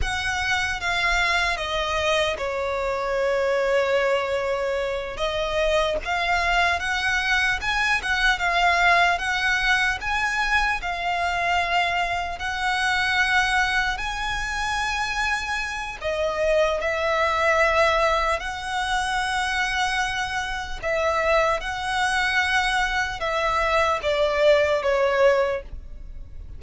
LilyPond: \new Staff \with { instrumentName = "violin" } { \time 4/4 \tempo 4 = 75 fis''4 f''4 dis''4 cis''4~ | cis''2~ cis''8 dis''4 f''8~ | f''8 fis''4 gis''8 fis''8 f''4 fis''8~ | fis''8 gis''4 f''2 fis''8~ |
fis''4. gis''2~ gis''8 | dis''4 e''2 fis''4~ | fis''2 e''4 fis''4~ | fis''4 e''4 d''4 cis''4 | }